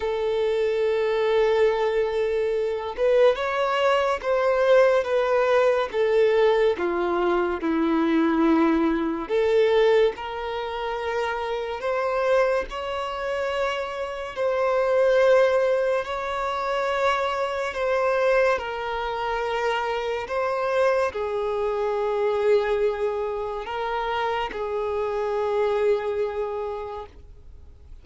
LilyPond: \new Staff \with { instrumentName = "violin" } { \time 4/4 \tempo 4 = 71 a'2.~ a'8 b'8 | cis''4 c''4 b'4 a'4 | f'4 e'2 a'4 | ais'2 c''4 cis''4~ |
cis''4 c''2 cis''4~ | cis''4 c''4 ais'2 | c''4 gis'2. | ais'4 gis'2. | }